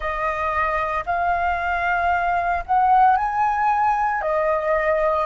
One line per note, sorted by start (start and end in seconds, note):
0.00 1.04 D#5
1.06 2.64 F5
2.66 3.16 F#5
3.16 4.21 G#5
4.21 5.25 D#5